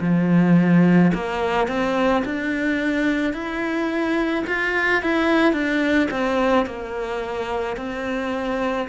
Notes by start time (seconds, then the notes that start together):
0.00 F3
1.14 A#3
1.67 C4
2.24 D4
3.33 E4
4.46 F4
5.02 E4
5.53 D4
6.11 C4
6.66 A#3
7.76 C4